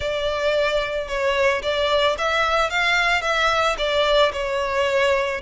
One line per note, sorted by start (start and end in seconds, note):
0.00 1.08 D5
1.08 1.62 C#5
1.62 2.16 D5
2.18 2.70 E5
2.70 3.21 F5
3.21 3.75 E5
3.78 4.32 D5
4.32 5.41 C#5